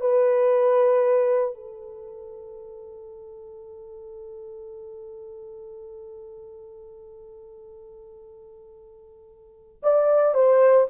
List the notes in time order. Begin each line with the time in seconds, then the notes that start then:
0.00 B4
1.54 A4
9.82 D5
10.34 C5